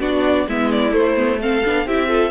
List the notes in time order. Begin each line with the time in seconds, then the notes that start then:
0.00 B3 D4 F#4 D5
0.46 G#3 B3 E4 E5
0.71 D5
0.91 A3 C5
1.16 B3
1.39 C4 A4 F5
1.65 B3 D4
1.85 C4 E4 G4 E5
2.07 F4 A4